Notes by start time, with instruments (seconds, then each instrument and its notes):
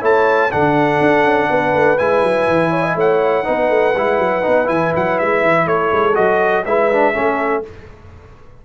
0.00 tuba A3, trombone E4, horn C#5, trumpet A5
0.50 tuba D3, trombone D4, horn A4, trumpet F#5
1.00 tuba D4
1.24 tuba C#4
1.49 tuba B3, horn B4
1.73 tuba A3
1.98 tuba G#3, trombone E4, trumpet G#5
2.22 tuba F#3
2.48 tuba E3
2.70 horn C#5
2.82 horn D#5
2.95 tuba A3, horn C#5, trumpet F#5
3.44 tuba B3, trombone D#4, horn B4
3.69 tuba A3
3.95 tuba G#3, trombone E4
4.18 tuba F#3
4.42 tuba B3, trombone D#4
4.65 tuba E3, trombone E4, trumpet G#5
4.95 tuba F#3, trumpet F#5
5.18 tuba G#3, trumpet E5
5.42 tuba E3
5.66 tuba A3, horn A4, trumpet C#5
5.92 tuba G#3
6.14 tuba F#3, trombone F#4, trumpet D#5
6.65 tuba G#3, trombone E4, horn B4, trumpet E5
6.92 trombone D4
7.13 tuba A3, trombone C#4, horn A4